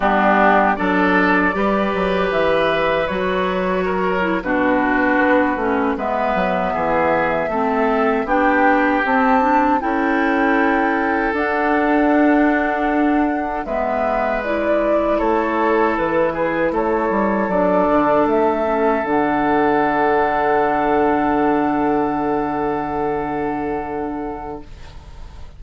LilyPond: <<
  \new Staff \with { instrumentName = "flute" } { \time 4/4 \tempo 4 = 78 g'4 d''2 e''4 | cis''4.~ cis''16 b'2 e''16~ | e''2~ e''8. g''4 a''16~ | a''8. g''2 fis''4~ fis''16~ |
fis''4.~ fis''16 e''4 d''4 cis''16~ | cis''8. b'4 cis''4 d''4 e''16~ | e''8. fis''2.~ fis''16~ | fis''1 | }
  \new Staff \with { instrumentName = "oboe" } { \time 4/4 d'4 a'4 b'2~ | b'4 ais'8. fis'2 b'16~ | b'8. gis'4 a'4 g'4~ g'16~ | g'8. a'2.~ a'16~ |
a'4.~ a'16 b'2 a'16~ | a'4~ a'16 gis'8 a'2~ a'16~ | a'1~ | a'1 | }
  \new Staff \with { instrumentName = "clarinet" } { \time 4/4 b4 d'4 g'2 | fis'4. e'16 d'4. cis'8 b16~ | b4.~ b16 c'4 d'4 c'16~ | c'16 d'8 e'2 d'4~ d'16~ |
d'4.~ d'16 b4 e'4~ e'16~ | e'2~ e'8. d'4~ d'16~ | d'16 cis'8 d'2.~ d'16~ | d'1 | }
  \new Staff \with { instrumentName = "bassoon" } { \time 4/4 g4 fis4 g8 fis8 e4 | fis4.~ fis16 b,4 b8 a8 gis16~ | gis16 fis8 e4 a4 b4 c'16~ | c'8. cis'2 d'4~ d'16~ |
d'4.~ d'16 gis2 a16~ | a8. e4 a8 g8 fis8 d8 a16~ | a8. d2.~ d16~ | d1 | }
>>